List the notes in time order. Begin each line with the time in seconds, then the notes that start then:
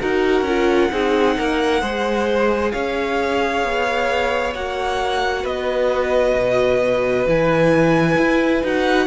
0.00 D#4 F#4 A#4 F#5
0.42 C#4 F4
0.91 C4 D#4 G#4
1.37 A#3 A#4
1.80 G#3 G#4 C5
2.71 C#4 C#5 F5
3.64 B3
4.54 A#3 F#4 F#5
5.42 B3 B4 D#5
6.34 B2
7.25 E3 E4 G#5
8.18 E4
8.63 D#4 F#4 F#5